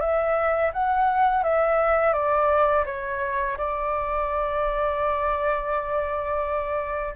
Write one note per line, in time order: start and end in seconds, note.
0.00 0.71 E5
0.73 1.43 F#5
1.43 2.13 E5
2.13 2.84 D5
2.85 3.57 C#5
3.57 7.14 D5